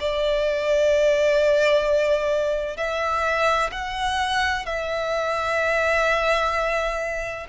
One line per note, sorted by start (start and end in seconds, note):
0.00 2.77 D5
2.77 3.70 E5
3.72 4.65 F#5
4.65 7.47 E5